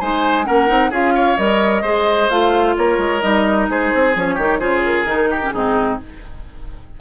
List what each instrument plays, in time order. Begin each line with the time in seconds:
0.00 bassoon G#3, clarinet D#4, oboe C5, flute G#5
0.45 bassoon A#3, clarinet C#4, oboe A#4, flute F#5
0.67 bassoon C4, clarinet D#4
0.90 bassoon C#4, clarinet F4, oboe G#4, flute F5
1.15 oboe C#5
1.37 bassoon G3, clarinet A#4, flute D#5
1.82 bassoon G#3, clarinet G#4, oboe C5
2.30 bassoon A3, clarinet F4, flute F5
2.77 bassoon A#3, oboe A#4, flute C#5
2.98 bassoon G#3
3.21 bassoon G3, clarinet D#4, flute D#5
3.69 bassoon G#3, oboe G#4, flute C5
3.94 bassoon C4
4.15 bassoon F3, clarinet C#4, flute C#5
4.35 bassoon D#3, clarinet D#4, oboe G4
4.59 bassoon C#3, clarinet F4, oboe G#4, flute C5
4.84 flute A#4
5.05 bassoon D#3, clarinet D#4
5.30 oboe G4
5.42 clarinet C#4
5.51 bassoon G#2, clarinet C4, oboe D#4, flute G#4